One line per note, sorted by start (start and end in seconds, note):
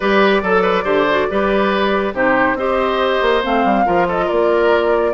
0.00 0.42 G3
0.00 0.43 G4
0.00 0.42 B4
0.00 2.13 D5
0.42 0.84 F#3
0.42 0.62 A4
0.42 0.84 A4
0.62 0.83 B4
0.84 1.27 D3
0.84 1.05 G4
0.84 1.27 C5
1.10 1.30 F#4
1.30 2.13 G3
1.30 2.14 G4
1.30 2.14 B4
2.13 2.54 C3
2.13 2.57 D#4
2.13 2.57 G4
2.13 2.57 C5
2.54 3.18 C4
2.54 3.42 G4
2.54 3.85 C5
2.54 3.43 D#5
3.21 3.43 A#3
3.42 3.64 A3
3.42 3.85 C4
3.42 4.08 F5
3.64 3.85 G3
3.85 4.29 F3
3.85 5.13 F4
3.85 4.07 A#4
4.08 4.25 A4
4.08 4.28 D#5
4.25 5.13 A#3
4.25 5.11 A#4
4.25 5.13 D5